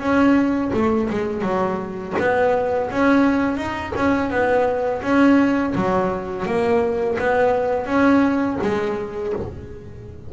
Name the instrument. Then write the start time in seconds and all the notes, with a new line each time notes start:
double bass
0.00 C#4
0.73 A3
1.10 G#3
1.42 F#3
2.19 B3
2.91 C#4
3.57 D#4
3.96 C#4
4.31 B3
5.03 C#4
5.75 F#3
6.46 A#3
7.19 B3
7.86 C#4
8.62 G#3